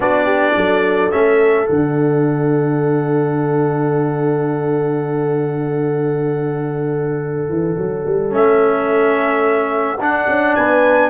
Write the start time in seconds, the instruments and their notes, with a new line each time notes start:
0.00 tuba B3, trombone D4, horn F#4, trumpet D5
0.24 horn G4
0.55 tuba F#3, horn A4
1.11 tuba A3, trombone C#4, trumpet E5
1.66 tuba D3, trombone D4, trumpet F#5
7.48 tuba E3
7.77 tuba F#3
8.06 tuba G3
8.31 tuba A3, trombone C#4, trumpet E5
9.98 tuba D4, trombone D4, trumpet F#5
10.27 tuba C#4
10.55 tuba B3, horn B4, trumpet G#5